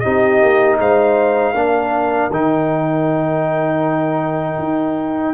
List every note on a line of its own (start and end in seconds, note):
0.00 0.42 C4
0.00 1.55 D#4
0.00 0.79 G4
0.00 0.76 D#5
0.42 0.79 A#3
0.79 1.54 G#3
0.79 1.56 C5
0.79 2.33 F5
1.54 2.30 A#3
1.54 2.31 D4
1.54 5.34 A#4
2.31 4.59 D#3
2.31 5.34 D#4
2.31 5.34 G5
4.59 5.34 D#4